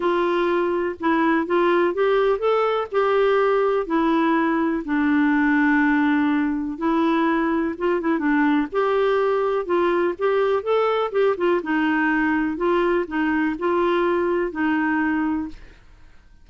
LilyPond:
\new Staff \with { instrumentName = "clarinet" } { \time 4/4 \tempo 4 = 124 f'2 e'4 f'4 | g'4 a'4 g'2 | e'2 d'2~ | d'2 e'2 |
f'8 e'8 d'4 g'2 | f'4 g'4 a'4 g'8 f'8 | dis'2 f'4 dis'4 | f'2 dis'2 | }